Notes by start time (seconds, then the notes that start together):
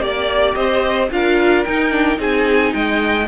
0.00 A#3 G4 D5
0.55 C4 C5 D#5
1.11 D4 F4 A#4 F5
1.64 D#4 G5
1.90 D4
2.15 C4 D#4 G#4 G#5
2.73 G#3 D#5 G5